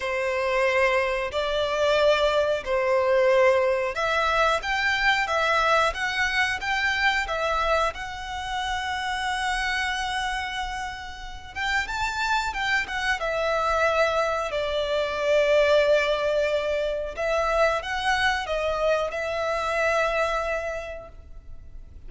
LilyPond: \new Staff \with { instrumentName = "violin" } { \time 4/4 \tempo 4 = 91 c''2 d''2 | c''2 e''4 g''4 | e''4 fis''4 g''4 e''4 | fis''1~ |
fis''4. g''8 a''4 g''8 fis''8 | e''2 d''2~ | d''2 e''4 fis''4 | dis''4 e''2. | }